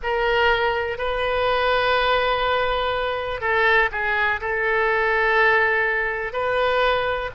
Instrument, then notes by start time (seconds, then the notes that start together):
oboe
0.02 A#4
0.98 B4
3.40 A4
3.91 G#4
4.40 A4
6.33 B4